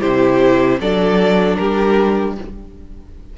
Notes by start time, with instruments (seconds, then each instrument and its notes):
0.00 cello C3, viola E4, violin G4 C5
0.80 cello F#3, viola D4, violin A4 D5
1.56 cello G3, violin G4 A#4